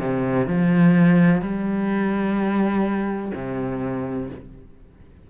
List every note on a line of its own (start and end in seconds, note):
0.00 0.47 C3
0.47 1.42 F3
1.42 3.32 G3
3.35 4.30 C3